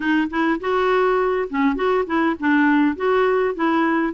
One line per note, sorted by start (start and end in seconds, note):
0.00 0.28 D#4
0.30 0.60 E4
0.60 1.48 F#4
1.49 1.75 C#4
1.75 2.05 F#4
2.06 2.36 E4
2.39 2.96 D4
2.96 3.55 F#4
3.55 4.13 E4